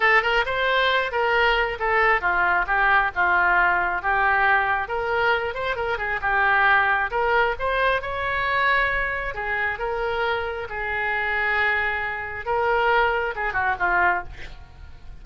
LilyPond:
\new Staff \with { instrumentName = "oboe" } { \time 4/4 \tempo 4 = 135 a'8 ais'8 c''4. ais'4. | a'4 f'4 g'4 f'4~ | f'4 g'2 ais'4~ | ais'8 c''8 ais'8 gis'8 g'2 |
ais'4 c''4 cis''2~ | cis''4 gis'4 ais'2 | gis'1 | ais'2 gis'8 fis'8 f'4 | }